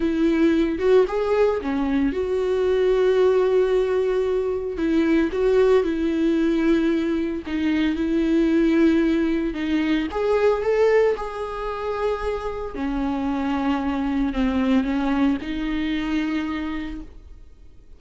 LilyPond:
\new Staff \with { instrumentName = "viola" } { \time 4/4 \tempo 4 = 113 e'4. fis'8 gis'4 cis'4 | fis'1~ | fis'4 e'4 fis'4 e'4~ | e'2 dis'4 e'4~ |
e'2 dis'4 gis'4 | a'4 gis'2. | cis'2. c'4 | cis'4 dis'2. | }